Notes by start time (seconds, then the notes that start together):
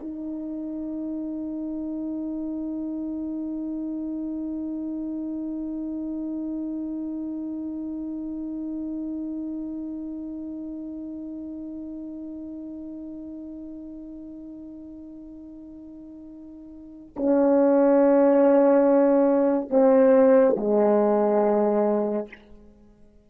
0.00 D#4
17.16 C#4
19.70 C4
20.57 G#3